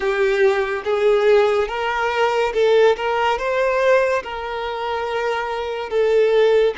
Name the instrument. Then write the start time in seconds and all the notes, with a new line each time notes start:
violin
0.00 G4
0.84 G#4
1.68 A#4
2.53 A4
2.96 A#4
3.38 C5
4.23 A#4
5.89 A4